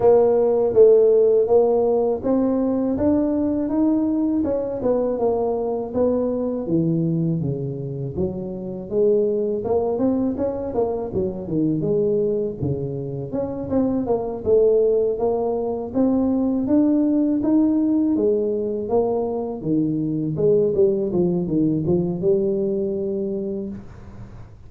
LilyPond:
\new Staff \with { instrumentName = "tuba" } { \time 4/4 \tempo 4 = 81 ais4 a4 ais4 c'4 | d'4 dis'4 cis'8 b8 ais4 | b4 e4 cis4 fis4 | gis4 ais8 c'8 cis'8 ais8 fis8 dis8 |
gis4 cis4 cis'8 c'8 ais8 a8~ | a8 ais4 c'4 d'4 dis'8~ | dis'8 gis4 ais4 dis4 gis8 | g8 f8 dis8 f8 g2 | }